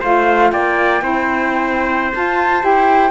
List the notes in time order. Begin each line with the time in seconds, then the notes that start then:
0.00 A3 F4 C5 F5
0.51 A#3 D5 G5
1.00 C4 E4 C5
2.12 F4 A5
2.60 E4 G4 G5